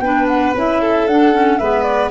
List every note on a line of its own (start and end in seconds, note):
0.00 0.53 B3
0.00 0.56 D4
0.00 0.81 B4
0.00 0.26 G5
0.28 0.54 F#5
0.55 1.07 C#4
0.55 1.09 E4
0.55 1.07 E5
0.81 1.59 A4
1.07 1.59 D4
1.07 1.33 D4
1.07 1.59 F#5
1.33 1.59 C#4
1.59 2.11 G#3
1.59 2.11 B3
1.59 2.11 B4
1.59 1.83 E5
1.83 2.09 D5